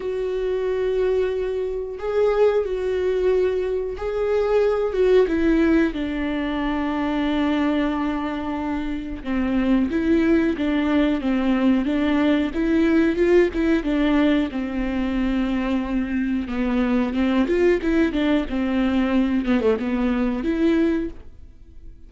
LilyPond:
\new Staff \with { instrumentName = "viola" } { \time 4/4 \tempo 4 = 91 fis'2. gis'4 | fis'2 gis'4. fis'8 | e'4 d'2.~ | d'2 c'4 e'4 |
d'4 c'4 d'4 e'4 | f'8 e'8 d'4 c'2~ | c'4 b4 c'8 f'8 e'8 d'8 | c'4. b16 a16 b4 e'4 | }